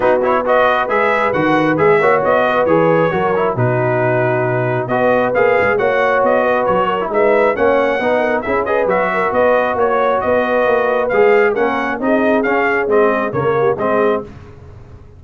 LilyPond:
<<
  \new Staff \with { instrumentName = "trumpet" } { \time 4/4 \tempo 4 = 135 b'8 cis''8 dis''4 e''4 fis''4 | e''4 dis''4 cis''2 | b'2. dis''4 | f''4 fis''4 dis''4 cis''4 |
e''4 fis''2 e''8 dis''8 | e''4 dis''4 cis''4 dis''4~ | dis''4 f''4 fis''4 dis''4 | f''4 dis''4 cis''4 dis''4 | }
  \new Staff \with { instrumentName = "horn" } { \time 4/4 fis'4 b'2.~ | b'8 cis''4 b'4. ais'4 | fis'2. b'4~ | b'4 cis''4. b'4 ais'8 |
b'4 cis''4 b'8 ais'8 gis'8 b'8~ | b'8 ais'8 b'4 cis''4 b'4~ | b'2 ais'4 gis'4~ | gis'2 ais'8 g'8 gis'4 | }
  \new Staff \with { instrumentName = "trombone" } { \time 4/4 dis'8 e'8 fis'4 gis'4 fis'4 | gis'8 fis'4. gis'4 fis'8 e'8 | dis'2. fis'4 | gis'4 fis'2~ fis'8. e'16 |
dis'4 cis'4 dis'4 e'8 gis'8 | fis'1~ | fis'4 gis'4 cis'4 dis'4 | cis'4 c'4 ais4 c'4 | }
  \new Staff \with { instrumentName = "tuba" } { \time 4/4 b2 gis4 dis4 | gis8 ais8 b4 e4 fis4 | b,2. b4 | ais8 gis8 ais4 b4 fis4 |
gis4 ais4 b4 cis'4 | fis4 b4 ais4 b4 | ais4 gis4 ais4 c'4 | cis'4 gis4 cis4 gis4 | }
>>